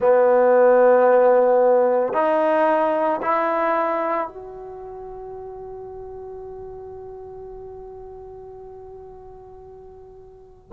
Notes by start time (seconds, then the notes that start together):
0.00 B3
2.13 D#4
3.21 E4
4.28 F#4